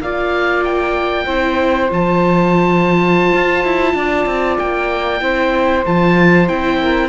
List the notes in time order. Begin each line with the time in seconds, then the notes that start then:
0.00 A#3 F4 D5 F5
0.64 G5
1.25 C4 E4 C5
1.90 F3 F4 A5
3.33 F4
3.64 E4
3.94 D4 D5
4.26 C4
4.59 A#3 G5
5.21 C4 E4 C5
5.86 F3 F4 A5
6.48 C4 E4 G5
6.81 A#4